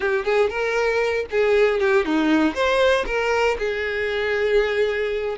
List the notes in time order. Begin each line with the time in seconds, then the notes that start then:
0.00 G4
0.24 G#4
0.49 A#4
1.30 G#4
1.80 G4
2.05 D#4
2.54 C5
3.06 A#4
3.58 G#4